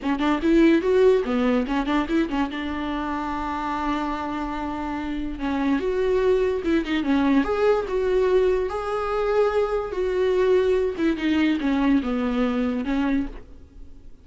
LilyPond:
\new Staff \with { instrumentName = "viola" } { \time 4/4 \tempo 4 = 145 cis'8 d'8 e'4 fis'4 b4 | cis'8 d'8 e'8 cis'8 d'2~ | d'1~ | d'4 cis'4 fis'2 |
e'8 dis'8 cis'4 gis'4 fis'4~ | fis'4 gis'2. | fis'2~ fis'8 e'8 dis'4 | cis'4 b2 cis'4 | }